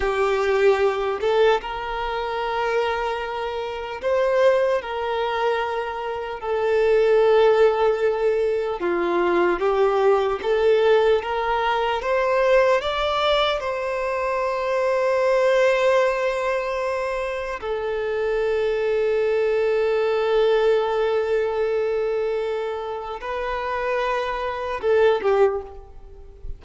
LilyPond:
\new Staff \with { instrumentName = "violin" } { \time 4/4 \tempo 4 = 75 g'4. a'8 ais'2~ | ais'4 c''4 ais'2 | a'2. f'4 | g'4 a'4 ais'4 c''4 |
d''4 c''2.~ | c''2 a'2~ | a'1~ | a'4 b'2 a'8 g'8 | }